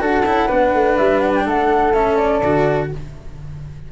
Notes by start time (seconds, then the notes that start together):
0.00 D4 F#4 A4 F#5
0.26 C#4 E4
0.47 B3 D4 B4
0.74 A3
0.97 G3 E5
1.20 F#5
1.35 G5
1.46 A3 A4 F#5
1.94 C#4 E5
2.17 D5
2.43 D3 F#4